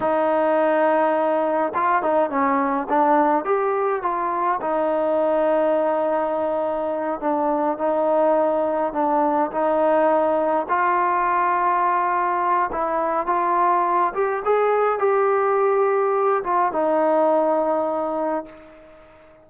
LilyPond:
\new Staff \with { instrumentName = "trombone" } { \time 4/4 \tempo 4 = 104 dis'2. f'8 dis'8 | cis'4 d'4 g'4 f'4 | dis'1~ | dis'8 d'4 dis'2 d'8~ |
d'8 dis'2 f'4.~ | f'2 e'4 f'4~ | f'8 g'8 gis'4 g'2~ | g'8 f'8 dis'2. | }